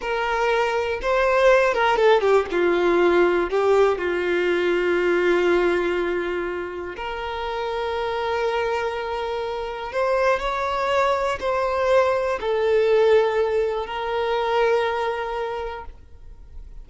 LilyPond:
\new Staff \with { instrumentName = "violin" } { \time 4/4 \tempo 4 = 121 ais'2 c''4. ais'8 | a'8 g'8 f'2 g'4 | f'1~ | f'2 ais'2~ |
ais'1 | c''4 cis''2 c''4~ | c''4 a'2. | ais'1 | }